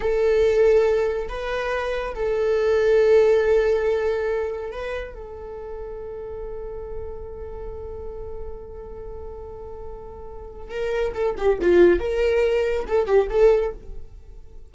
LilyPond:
\new Staff \with { instrumentName = "viola" } { \time 4/4 \tempo 4 = 140 a'2. b'4~ | b'4 a'2.~ | a'2. b'4 | a'1~ |
a'1~ | a'1~ | a'4 ais'4 a'8 g'8 f'4 | ais'2 a'8 g'8 a'4 | }